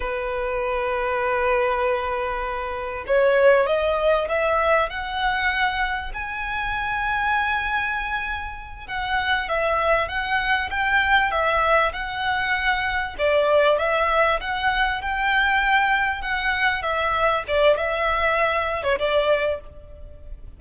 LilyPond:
\new Staff \with { instrumentName = "violin" } { \time 4/4 \tempo 4 = 98 b'1~ | b'4 cis''4 dis''4 e''4 | fis''2 gis''2~ | gis''2~ gis''8 fis''4 e''8~ |
e''8 fis''4 g''4 e''4 fis''8~ | fis''4. d''4 e''4 fis''8~ | fis''8 g''2 fis''4 e''8~ | e''8 d''8 e''4.~ e''16 cis''16 d''4 | }